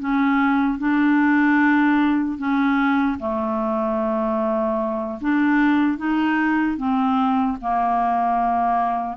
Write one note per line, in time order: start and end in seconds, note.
0.00 0.79 C#4
0.79 2.39 D4
2.39 3.19 C#4
3.20 5.20 A3
5.21 5.98 D4
5.98 6.78 D#4
6.78 7.58 C4
7.62 9.17 A#3